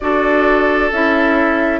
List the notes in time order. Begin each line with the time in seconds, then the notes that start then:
0.00 D4 F#4 A4 D5
0.92 C#4 E4 E5